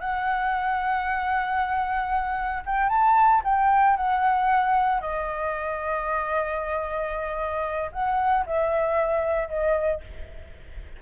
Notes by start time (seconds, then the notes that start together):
0.00 F#5
2.66 G5
2.89 A5
3.44 G5
3.96 F#5
5.01 D#5
7.92 F#5
8.46 E5
9.48 D#5